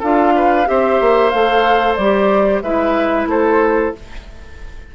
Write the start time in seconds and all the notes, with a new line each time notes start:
0.00 D4 F4 A4 F5
0.36 B4
0.66 C4 G4 C5 E5
1.01 A#3
1.30 A3 A4 F5
1.96 G3 G4 D5
2.62 G#3 E4 B4 E5
3.27 A3 A4 C5